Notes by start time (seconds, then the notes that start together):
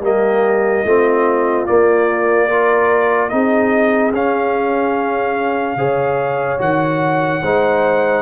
0.00 G3 A#3 G4 D#5
0.84 A3 C4 F4
1.67 A#3 D5
2.48 F4 A#4
3.29 C4 D#4 G#4 D#5
4.13 C#4 F5
5.76 C#3 G#4 C#5
6.59 D#3 F#4 F#5
7.42 G#3 D#4 C5